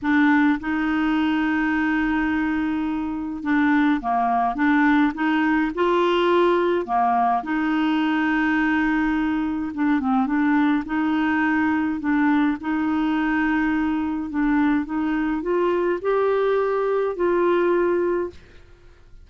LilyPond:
\new Staff \with { instrumentName = "clarinet" } { \time 4/4 \tempo 4 = 105 d'4 dis'2.~ | dis'2 d'4 ais4 | d'4 dis'4 f'2 | ais4 dis'2.~ |
dis'4 d'8 c'8 d'4 dis'4~ | dis'4 d'4 dis'2~ | dis'4 d'4 dis'4 f'4 | g'2 f'2 | }